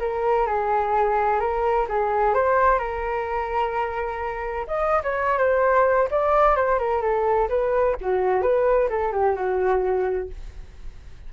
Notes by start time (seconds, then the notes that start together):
0.00 A#4
0.47 G#4
1.40 A#4
1.89 G#4
2.34 C5
2.79 A#4
4.67 D#5
5.03 C#5
5.38 C5
6.11 D5
6.56 C5
6.79 A#4
7.02 A4
7.49 B4
8.01 F#4
8.42 B4
8.90 A4
9.13 G4
9.36 F#4